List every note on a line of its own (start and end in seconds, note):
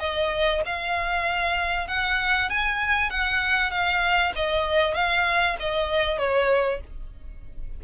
0.00 0.62 D#5
0.66 1.88 F5
1.88 2.50 F#5
2.50 3.10 G#5
3.10 3.71 F#5
3.71 4.33 F5
4.36 4.95 D#5
4.95 5.57 F5
5.60 6.19 D#5
6.19 6.80 C#5